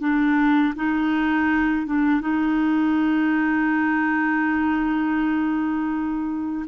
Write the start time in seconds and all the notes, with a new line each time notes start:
0.00 D4
0.75 D#4
1.87 D4
2.21 D#4